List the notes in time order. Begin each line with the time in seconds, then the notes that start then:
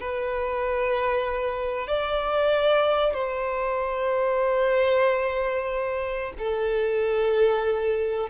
0.00 B4
1.87 D5
3.13 C5
6.38 A4